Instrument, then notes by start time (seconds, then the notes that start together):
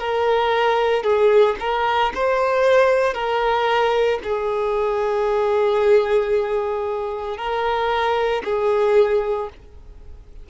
violin
0.00 A#4
1.04 G#4
1.60 A#4
2.15 C5
3.14 A#4
4.24 G#4
7.38 A#4
8.44 G#4